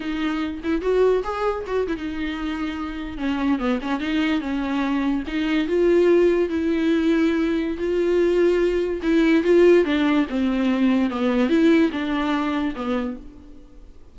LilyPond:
\new Staff \with { instrumentName = "viola" } { \time 4/4 \tempo 4 = 146 dis'4. e'8 fis'4 gis'4 | fis'8 e'16 dis'2. cis'16~ | cis'8. b8 cis'8 dis'4 cis'4~ cis'16~ | cis'8. dis'4 f'2 e'16~ |
e'2. f'4~ | f'2 e'4 f'4 | d'4 c'2 b4 | e'4 d'2 b4 | }